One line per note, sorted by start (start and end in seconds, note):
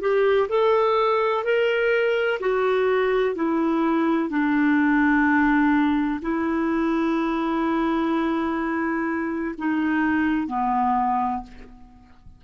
0.00 0.48 G4
0.48 1.44 A4
1.44 2.39 A#4
2.39 3.35 F#4
3.35 4.29 E4
4.29 6.20 D4
6.21 9.55 E4
9.58 10.47 D#4
10.47 11.42 B3